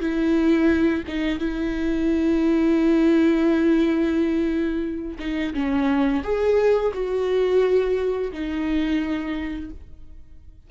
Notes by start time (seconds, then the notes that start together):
0.00 E4
1.08 D#4
1.39 E4
5.19 D#4
5.54 C#4
6.24 G#4
6.94 F#4
8.32 D#4